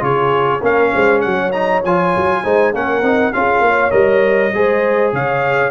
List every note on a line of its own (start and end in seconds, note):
0.00 0.62 C#3
0.00 0.60 F4
0.00 0.62 G#4
0.00 0.64 C#5
0.62 0.93 A#3
0.62 1.52 C#4
0.62 0.92 A#4
0.62 1.21 F5
0.94 1.25 G#3
0.94 1.24 C5
1.21 1.85 F#3
1.21 2.44 C#5
1.21 1.51 F#5
1.52 1.83 D#4
1.52 1.82 A#5
1.85 2.15 F3
1.85 2.44 F4
1.85 2.75 G#5
2.16 2.45 F#3
2.44 2.74 G#3
2.44 2.74 D#4
2.44 2.73 C5
2.73 3.02 A#3
2.73 3.03 C#4
2.73 3.33 A#4
2.73 3.33 F#5
3.02 3.32 C4
3.02 3.33 D#4
3.33 3.60 C#4
3.33 3.91 F4
3.33 3.66 G#4
3.33 3.91 F5
3.60 3.90 A#3
3.60 4.53 C#5
3.91 4.53 G3
3.91 4.51 A#4
3.91 5.11 D#5
4.53 5.13 G#3
4.53 5.71 G#4
4.53 5.13 C5
5.13 5.71 C#3
5.13 5.71 C#5
5.13 5.71 F5